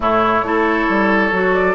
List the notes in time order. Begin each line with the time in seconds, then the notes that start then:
0.00 A2 A3 E4 C#5
0.42 A3 E4 A4
0.89 G3
1.31 F#3 F#4
1.53 D5